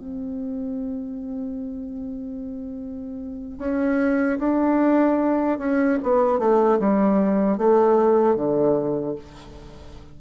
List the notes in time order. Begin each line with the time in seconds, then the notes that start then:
0.00 C4
3.59 C#4
4.39 D4
5.59 C#4
6.03 B3
6.39 A3
6.80 G3
7.58 A3
8.36 D3